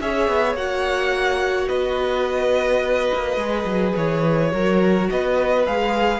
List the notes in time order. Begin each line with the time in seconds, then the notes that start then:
0.00 C#4 G#4 C#5 E5
0.28 B3
0.55 A#3 F#4 F#5
1.68 B3 B4 D#5
3.13 A#3
3.36 G#3 G#4
3.65 F#3
3.96 E3 C#5
4.51 F#3 F#4 A#4
5.10 B3 B4 D#5
5.66 G#3 G#4 F5